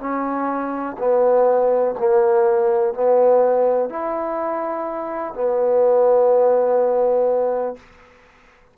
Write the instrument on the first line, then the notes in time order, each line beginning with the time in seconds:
trombone
0.00 C#4
0.99 B3
1.99 A#3
2.94 B3
3.90 E4
5.34 B3